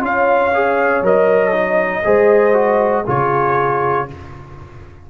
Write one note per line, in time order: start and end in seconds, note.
0.00 1.02 C#4
0.00 0.51 F4
0.00 2.05 C#5
0.00 1.06 F5
0.54 1.04 G#4
1.02 2.04 F#3
1.02 1.52 A#4
1.02 3.08 D#5
1.52 2.03 D#4
2.04 3.07 G#3
2.04 2.53 G#4
2.04 3.05 C5
2.53 3.04 F#4
3.05 4.09 C#3
3.05 4.08 F4
3.05 4.06 G#4
3.05 4.10 C#5